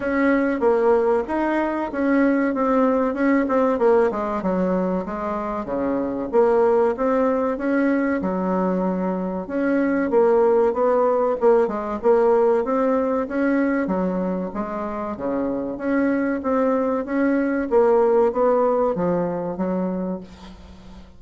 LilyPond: \new Staff \with { instrumentName = "bassoon" } { \time 4/4 \tempo 4 = 95 cis'4 ais4 dis'4 cis'4 | c'4 cis'8 c'8 ais8 gis8 fis4 | gis4 cis4 ais4 c'4 | cis'4 fis2 cis'4 |
ais4 b4 ais8 gis8 ais4 | c'4 cis'4 fis4 gis4 | cis4 cis'4 c'4 cis'4 | ais4 b4 f4 fis4 | }